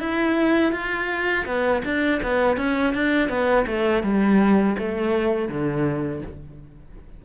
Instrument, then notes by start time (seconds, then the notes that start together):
cello
0.00 E4
0.73 F4
1.46 B3
1.85 D4
2.23 B3
2.57 C#4
2.94 D4
3.29 B3
3.67 A3
4.03 G3
4.79 A3
5.49 D3